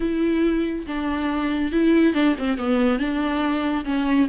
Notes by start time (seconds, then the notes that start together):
0.00 E4
0.86 D4
1.71 E4
2.14 D4
2.38 C4
2.57 B3
2.98 D4
3.84 C#4